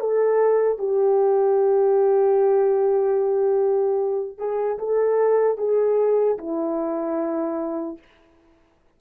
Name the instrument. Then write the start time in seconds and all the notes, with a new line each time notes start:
horn
0.00 A4
0.79 G4
4.38 G#4
4.79 A4
5.57 G#4
6.38 E4